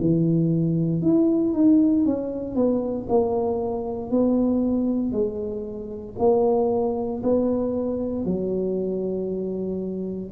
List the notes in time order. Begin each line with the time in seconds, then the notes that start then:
0.00 E3
1.02 E4
1.54 D#4
2.05 C#4
2.55 B3
3.09 A#3
4.11 B3
5.12 G#3
6.19 A#3
7.23 B3
8.25 F#3